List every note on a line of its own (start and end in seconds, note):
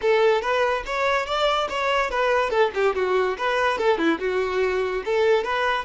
0.01 0.41 A4
0.41 0.83 B4
0.86 1.26 C#5
1.26 1.68 D5
1.69 2.10 C#5
2.10 2.50 B4
2.50 2.71 A4
2.74 2.95 G4
2.95 3.37 F#4
3.37 3.77 B4
3.77 3.97 A4
3.97 4.18 E4
4.19 5.03 F#4
5.05 5.44 A4
5.44 5.85 B4